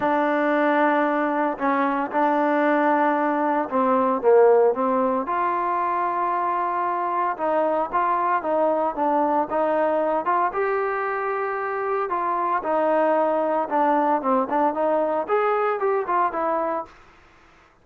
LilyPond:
\new Staff \with { instrumentName = "trombone" } { \time 4/4 \tempo 4 = 114 d'2. cis'4 | d'2. c'4 | ais4 c'4 f'2~ | f'2 dis'4 f'4 |
dis'4 d'4 dis'4. f'8 | g'2. f'4 | dis'2 d'4 c'8 d'8 | dis'4 gis'4 g'8 f'8 e'4 | }